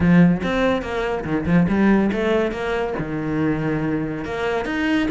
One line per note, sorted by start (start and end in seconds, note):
0.00 0.41 F3
0.43 0.81 C4
0.81 1.24 A#3
1.24 1.45 D#3
1.45 1.67 F3
1.68 2.10 G3
2.11 2.51 A3
2.51 2.93 A#3
2.98 4.24 D#3
4.24 4.65 A#3
4.65 5.07 D#4